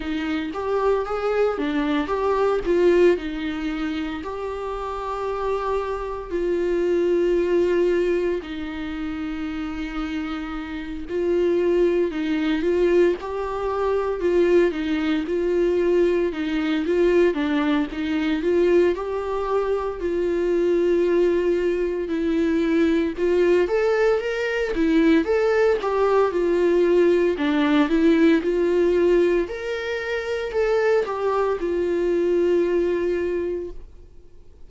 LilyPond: \new Staff \with { instrumentName = "viola" } { \time 4/4 \tempo 4 = 57 dis'8 g'8 gis'8 d'8 g'8 f'8 dis'4 | g'2 f'2 | dis'2~ dis'8 f'4 dis'8 | f'8 g'4 f'8 dis'8 f'4 dis'8 |
f'8 d'8 dis'8 f'8 g'4 f'4~ | f'4 e'4 f'8 a'8 ais'8 e'8 | a'8 g'8 f'4 d'8 e'8 f'4 | ais'4 a'8 g'8 f'2 | }